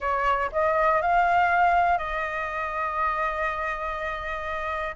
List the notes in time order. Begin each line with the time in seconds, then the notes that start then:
0.00 C#5
0.52 D#5
1.01 F5
1.97 D#5